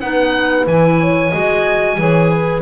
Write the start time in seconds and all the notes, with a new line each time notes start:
0.00 B3 D#4 B4 F#5
0.66 E3 E4 G#5
1.00 C#5
1.31 G#3 F#4 D#5
1.97 E3 G#4 C#5
2.30 B4